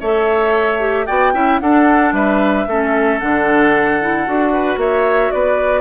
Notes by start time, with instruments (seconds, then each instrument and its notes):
0.00 bassoon A3, clarinet A4, oboe C#5, flute E5
0.79 clarinet G4
1.06 bassoon B3, clarinet F#4, oboe D5, flute G5
1.34 bassoon C#4, clarinet E4, oboe E5
1.60 bassoon D4, clarinet D4, oboe A4, flute F#5
2.12 bassoon G3, oboe B4, flute E5
2.67 bassoon A3, clarinet C#4, oboe A4
3.19 bassoon D3, clarinet D4, flute F#5
4.01 clarinet E4
4.26 bassoon D4, clarinet F#4
4.53 oboe B4
4.77 bassoon A#3, oboe C#5, flute E5
5.31 bassoon B3, oboe B4, flute D5